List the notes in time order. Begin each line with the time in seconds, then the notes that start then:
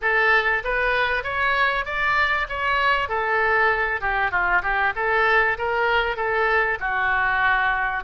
0.01 A4
0.64 B4
1.23 C#5
1.85 D5
2.49 C#5
3.08 A4
4.00 G4
4.31 F4
4.62 G4
4.95 A4
5.58 A#4
6.16 A4
6.80 F#4